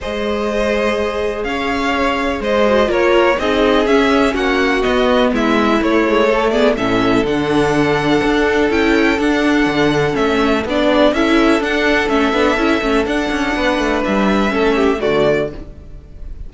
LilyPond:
<<
  \new Staff \with { instrumentName = "violin" } { \time 4/4 \tempo 4 = 124 dis''2. f''4~ | f''4 dis''4 cis''4 dis''4 | e''4 fis''4 dis''4 e''4 | cis''4. d''8 e''4 fis''4~ |
fis''2 g''4 fis''4~ | fis''4 e''4 d''4 e''4 | fis''4 e''2 fis''4~ | fis''4 e''2 d''4 | }
  \new Staff \with { instrumentName = "violin" } { \time 4/4 c''2. cis''4~ | cis''4 c''4 ais'4 gis'4~ | gis'4 fis'2 e'4~ | e'4 a'8 gis'8 a'2~ |
a'1~ | a'2~ a'8 gis'8 a'4~ | a'1 | b'2 a'8 g'8 fis'4 | }
  \new Staff \with { instrumentName = "viola" } { \time 4/4 gis'1~ | gis'4. fis'8 f'4 dis'4 | cis'2 b2 | a8 gis8 a8 b8 cis'4 d'4~ |
d'2 e'4 d'4~ | d'4 cis'4 d'4 e'4 | d'4 cis'8 d'8 e'8 cis'8 d'4~ | d'2 cis'4 a4 | }
  \new Staff \with { instrumentName = "cello" } { \time 4/4 gis2. cis'4~ | cis'4 gis4 ais4 c'4 | cis'4 ais4 b4 gis4 | a2 a,4 d4~ |
d4 d'4 cis'4 d'4 | d4 a4 b4 cis'4 | d'4 a8 b8 cis'8 a8 d'8 cis'8 | b8 a8 g4 a4 d4 | }
>>